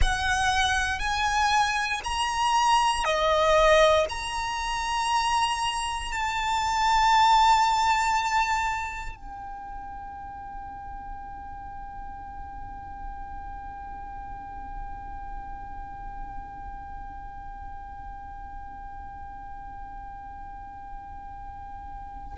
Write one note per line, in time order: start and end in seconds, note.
0.01 0.99 F#5
0.99 2.01 G#5
2.03 3.04 A#5
3.04 4.06 D#5
4.09 6.12 A#5
6.12 9.15 A5
9.15 22.37 G5